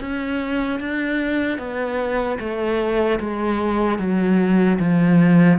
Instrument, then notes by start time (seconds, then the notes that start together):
cello
0.00 C#4
0.80 D4
1.58 B3
2.39 A3
3.20 G#3
3.99 F#3
4.79 F3